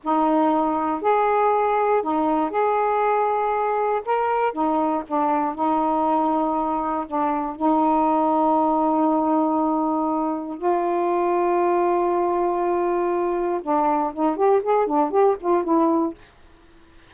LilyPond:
\new Staff \with { instrumentName = "saxophone" } { \time 4/4 \tempo 4 = 119 dis'2 gis'2 | dis'4 gis'2. | ais'4 dis'4 d'4 dis'4~ | dis'2 d'4 dis'4~ |
dis'1~ | dis'4 f'2.~ | f'2. d'4 | dis'8 g'8 gis'8 d'8 g'8 f'8 e'4 | }